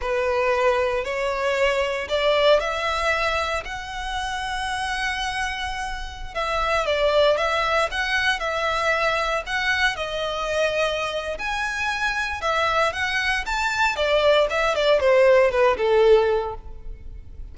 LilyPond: \new Staff \with { instrumentName = "violin" } { \time 4/4 \tempo 4 = 116 b'2 cis''2 | d''4 e''2 fis''4~ | fis''1~ | fis''16 e''4 d''4 e''4 fis''8.~ |
fis''16 e''2 fis''4 dis''8.~ | dis''2 gis''2 | e''4 fis''4 a''4 d''4 | e''8 d''8 c''4 b'8 a'4. | }